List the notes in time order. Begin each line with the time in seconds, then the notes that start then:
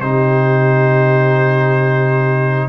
0.00 C3 D#4 G4 C5